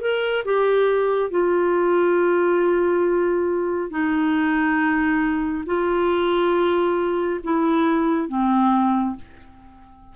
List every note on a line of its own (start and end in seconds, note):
0.00 0.43 A#4
0.44 1.30 G4
1.30 3.90 F4
3.90 5.64 D#4
5.66 7.40 F4
7.43 8.28 E4
8.28 9.15 C4